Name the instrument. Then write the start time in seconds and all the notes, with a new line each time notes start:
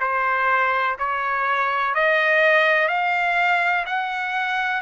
trumpet
0.00 C5
0.98 C#5
1.94 D#5
2.88 F5
3.86 F#5